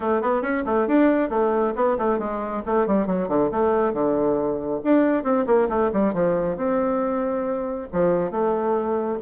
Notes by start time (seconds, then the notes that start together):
0.00 A3
0.21 B3
0.41 C#4
0.65 A3
0.87 D4
1.29 A3
1.75 B3
1.98 A3
2.18 G#3
2.66 A3
2.86 G3
3.06 F#3
3.28 D3
3.51 A3
3.93 D3
4.84 D4
5.23 C4
5.46 A#3
5.69 A3
5.92 G3
6.13 F3
6.56 C4
7.92 F3
8.31 A3